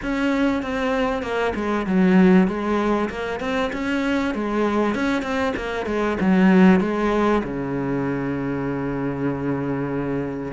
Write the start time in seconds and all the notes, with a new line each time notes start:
0.02 C#4
0.62 C4
1.22 A#3
1.55 G#3
1.86 F#3
2.47 G#3
3.09 A#3
3.40 C4
3.73 C#4
4.34 G#3
4.94 C#4
5.22 C4
5.56 A#3
5.86 G#3
6.20 F#3
6.80 G#3
7.43 C#3